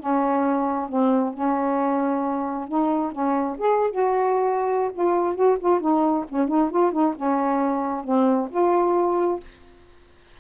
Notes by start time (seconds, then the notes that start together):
0.00 C#4
0.89 C4
1.34 C#4
2.68 D#4
3.12 C#4
3.58 G#4
3.91 F#4
4.94 F4
5.35 F#4
5.60 F4
5.81 D#4
6.30 C#4
6.48 D#4
6.71 F4
6.92 D#4
7.16 C#4
8.04 C4
8.51 F4